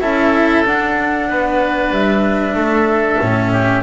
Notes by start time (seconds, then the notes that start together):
0.00 C#4 E4 A4 E5
0.65 D4 F#5
1.28 B3 B4
1.91 G3 E5
2.55 A3 A4
3.20 A2 C#4
3.52 G4